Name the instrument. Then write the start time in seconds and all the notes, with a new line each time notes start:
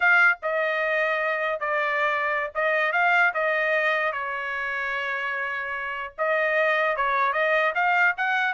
trumpet
0.00 F5
0.42 D#5
1.59 D5
2.55 D#5
2.92 F5
3.33 D#5
4.12 C#5
6.18 D#5
6.96 C#5
7.32 D#5
7.75 F5
8.17 F#5